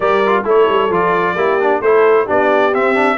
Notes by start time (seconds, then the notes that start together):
0.00 G3 G4 A#4 D5
0.26 F4
0.44 A3 E4 A4 C#5
0.68 G3
0.89 F3 F4 D5
1.34 A#3 E4 G4
1.60 D4
1.81 A3 E4 A4 C5
2.24 B3 D4 G4 D5
2.73 C4 E5
2.94 D4